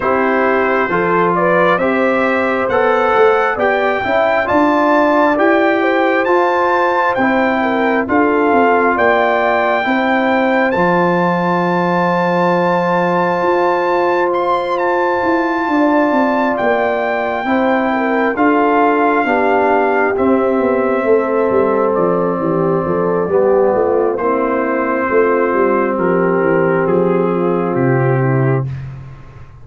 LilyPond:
<<
  \new Staff \with { instrumentName = "trumpet" } { \time 4/4 \tempo 4 = 67 c''4. d''8 e''4 fis''4 | g''4 a''4 g''4 a''4 | g''4 f''4 g''2 | a''1 |
c'''8 a''2 g''4.~ | g''8 f''2 e''4.~ | e''8 d''2~ d''8 c''4~ | c''4 ais'4 gis'4 g'4 | }
  \new Staff \with { instrumentName = "horn" } { \time 4/4 g'4 a'8 b'8 c''2 | d''8 e''8 d''4. c''4.~ | c''8 ais'8 a'4 d''4 c''4~ | c''1~ |
c''4. d''2 c''8 | ais'8 a'4 g'2 a'8~ | a'4 g'8 a'8 g'8 f'8 e'4 | f'4 g'4. f'4 e'8 | }
  \new Staff \with { instrumentName = "trombone" } { \time 4/4 e'4 f'4 g'4 a'4 | g'8 e'8 f'4 g'4 f'4 | e'4 f'2 e'4 | f'1~ |
f'2.~ f'8 e'8~ | e'8 f'4 d'4 c'4.~ | c'2 b4 c'4~ | c'1 | }
  \new Staff \with { instrumentName = "tuba" } { \time 4/4 c'4 f4 c'4 b8 a8 | b8 cis'8 d'4 e'4 f'4 | c'4 d'8 c'8 ais4 c'4 | f2. f'4~ |
f'4 e'8 d'8 c'8 ais4 c'8~ | c'8 d'4 b4 c'8 b8 a8 | g8 f8 e8 f8 g8 a8 ais4 | a8 g8 f8 e8 f4 c4 | }
>>